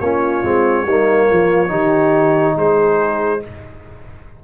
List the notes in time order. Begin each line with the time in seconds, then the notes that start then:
0.00 A#3 C#4 F4 C#5
0.43 G#3 C4
0.84 G3 A#3 D#4
1.29 F3 F4
1.68 D#3 D#4 G4
2.56 G#3 G#4 C5